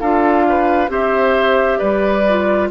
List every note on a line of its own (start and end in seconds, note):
0.00 0.89 D4
0.00 0.89 F4
0.00 0.45 A4
0.00 0.90 F5
0.49 0.91 B4
0.89 1.79 C4
0.89 2.23 G4
0.89 1.79 C5
0.89 1.79 E5
1.79 2.71 G3
1.79 2.68 B4
1.79 2.68 D5
2.29 2.71 F4